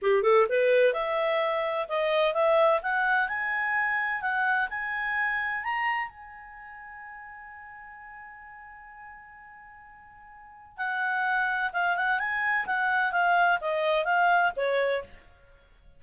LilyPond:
\new Staff \with { instrumentName = "clarinet" } { \time 4/4 \tempo 4 = 128 g'8 a'8 b'4 e''2 | dis''4 e''4 fis''4 gis''4~ | gis''4 fis''4 gis''2 | ais''4 gis''2.~ |
gis''1~ | gis''2. fis''4~ | fis''4 f''8 fis''8 gis''4 fis''4 | f''4 dis''4 f''4 cis''4 | }